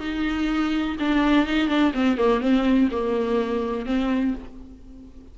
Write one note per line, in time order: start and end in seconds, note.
0.00 0.97 D#4
1.00 1.47 D4
1.47 1.68 D#4
1.68 1.93 D4
1.94 2.18 C4
2.18 2.41 A#3
2.41 2.89 C4
2.92 3.86 A#3
3.86 4.35 C4